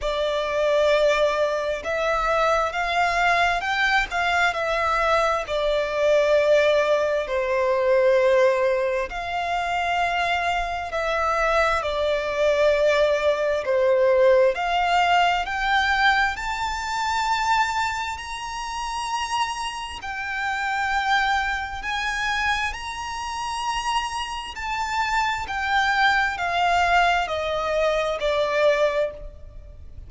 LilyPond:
\new Staff \with { instrumentName = "violin" } { \time 4/4 \tempo 4 = 66 d''2 e''4 f''4 | g''8 f''8 e''4 d''2 | c''2 f''2 | e''4 d''2 c''4 |
f''4 g''4 a''2 | ais''2 g''2 | gis''4 ais''2 a''4 | g''4 f''4 dis''4 d''4 | }